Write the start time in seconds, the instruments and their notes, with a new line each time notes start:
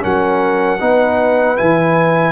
0.00 tuba F#3, trombone C#4, horn A#4, trumpet F#5
0.80 tuba B3, trombone D#4, horn B4
1.56 tuba E3, trombone E4, trumpet G#5